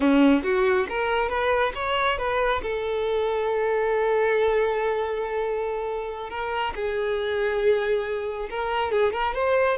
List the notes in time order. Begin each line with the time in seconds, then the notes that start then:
0.00 C#4
0.43 F#4
0.89 A#4
1.29 B4
1.75 C#5
2.18 B4
2.62 A4
6.30 A#4
6.75 G#4
8.49 A#4
8.91 G#4
9.12 A#4
9.34 C5